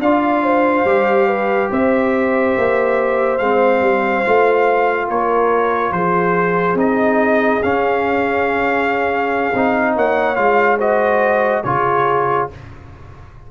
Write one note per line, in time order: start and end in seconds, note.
0.00 0.85 D4
0.00 0.86 F4
0.00 0.43 D5
0.00 1.70 F5
0.43 1.27 C5
0.85 1.69 G3
0.85 3.40 G4
1.27 1.70 B4
1.71 2.56 C4
1.71 5.09 C5
1.71 3.38 E5
2.57 3.40 A#3
3.38 3.82 G#3
3.38 4.25 C4
3.38 5.07 F5
3.82 4.24 G3
4.25 5.09 A3
4.25 6.77 F4
5.09 5.92 A#3
5.09 5.94 A#4
5.09 5.93 C#5
5.92 6.75 F3
5.92 9.96 G#4
5.92 6.77 C5
6.75 7.59 C4
6.75 7.61 D#4
6.75 7.63 D#5
7.63 9.54 C#4
7.63 9.96 F5
9.54 9.96 C4
9.54 10.36 D#4
9.96 10.37 A#3
9.96 10.79 C#5
9.96 10.36 F#5
10.36 11.64 G#3
10.36 10.78 F4
10.36 10.78 F5
10.79 11.64 F#4
10.79 11.63 C5
10.79 11.64 D#5
11.64 12.50 C#3
11.64 12.51 F4
11.64 12.51 G#4
11.64 12.49 C#5